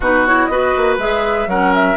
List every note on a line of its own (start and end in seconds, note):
0.00 0.46 B2
0.00 0.26 D#4
0.00 0.49 F#4
0.00 0.26 B4
0.26 0.51 E4
0.26 0.45 C#5
0.45 0.73 B3
0.45 0.99 F#4
0.45 1.49 B4
0.45 0.95 D#5
0.77 0.97 A#3
0.97 1.46 G#3
0.97 1.49 G#4
0.97 1.49 E5
1.46 1.96 F#3
1.46 1.96 C#4
1.46 1.96 A#4
1.46 1.73 F#5
1.74 1.96 E5